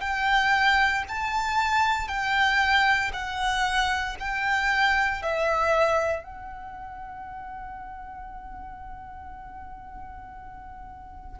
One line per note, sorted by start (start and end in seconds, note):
0.00 1.03 G5
1.08 2.07 A5
2.07 3.11 G5
3.13 4.16 F#5
4.19 5.22 G5
5.22 6.23 E5
6.23 11.39 F#5